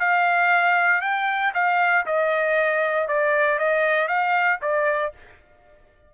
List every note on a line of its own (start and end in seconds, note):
0.00 1.02 F5
1.02 1.53 G5
1.55 2.06 F5
2.06 3.08 D#5
3.08 3.59 D5
3.59 4.08 D#5
4.08 4.60 F5
4.62 5.13 D5